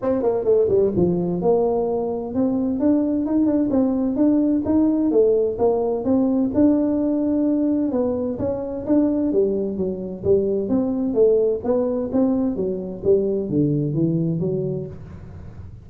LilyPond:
\new Staff \with { instrumentName = "tuba" } { \time 4/4 \tempo 4 = 129 c'8 ais8 a8 g8 f4 ais4~ | ais4 c'4 d'4 dis'8 d'8 | c'4 d'4 dis'4 a4 | ais4 c'4 d'2~ |
d'4 b4 cis'4 d'4 | g4 fis4 g4 c'4 | a4 b4 c'4 fis4 | g4 d4 e4 fis4 | }